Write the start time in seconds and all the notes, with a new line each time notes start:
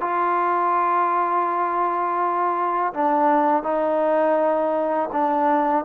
0.00 F4
2.93 D4
3.63 D#4
5.12 D4